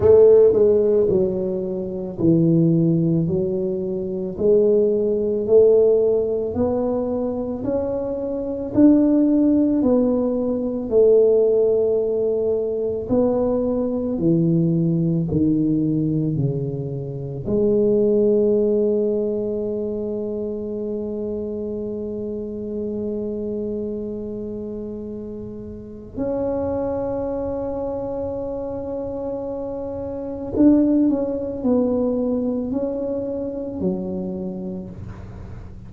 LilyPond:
\new Staff \with { instrumentName = "tuba" } { \time 4/4 \tempo 4 = 55 a8 gis8 fis4 e4 fis4 | gis4 a4 b4 cis'4 | d'4 b4 a2 | b4 e4 dis4 cis4 |
gis1~ | gis1 | cis'1 | d'8 cis'8 b4 cis'4 fis4 | }